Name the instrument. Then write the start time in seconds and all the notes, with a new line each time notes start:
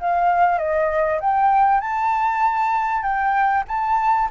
flute
0.00 F5
0.58 D#5
1.21 G5
1.81 A5
3.03 G5
3.68 A5